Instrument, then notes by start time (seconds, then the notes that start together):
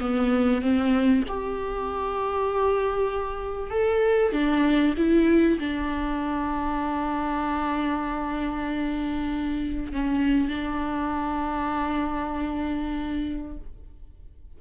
viola
0.00 B3
0.62 C4
1.28 G4
3.70 A4
4.32 D4
4.97 E4
5.59 D4
9.92 C#4
10.48 D4